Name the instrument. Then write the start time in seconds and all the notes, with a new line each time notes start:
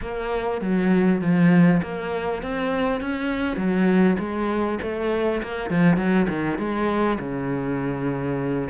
cello
0.01 A#3
0.61 F#3
1.21 F3
1.82 A#3
2.42 C4
3.00 C#4
3.56 F#3
4.18 G#3
4.82 A3
5.42 A#3
5.70 F3
5.96 F#3
6.28 D#3
6.58 G#3
7.19 C#3